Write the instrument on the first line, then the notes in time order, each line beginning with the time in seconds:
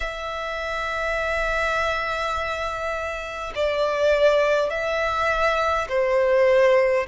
violin
0.00 E5
3.55 D5
4.70 E5
5.88 C5